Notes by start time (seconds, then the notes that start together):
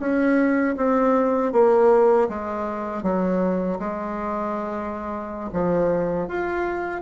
0.00 C#4
0.77 C4
1.53 A#3
2.29 G#3
3.03 F#3
3.79 G#3
5.53 F3
6.28 F4